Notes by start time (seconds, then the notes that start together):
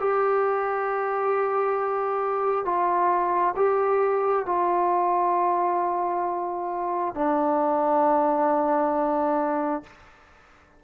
0.00 G4
2.65 F4
3.56 G4
4.46 F4
7.14 D4